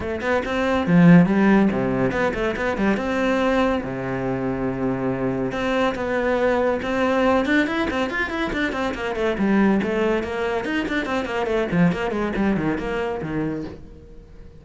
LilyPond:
\new Staff \with { instrumentName = "cello" } { \time 4/4 \tempo 4 = 141 a8 b8 c'4 f4 g4 | c4 b8 a8 b8 g8 c'4~ | c'4 c2.~ | c4 c'4 b2 |
c'4. d'8 e'8 c'8 f'8 e'8 | d'8 c'8 ais8 a8 g4 a4 | ais4 dis'8 d'8 c'8 ais8 a8 f8 | ais8 gis8 g8 dis8 ais4 dis4 | }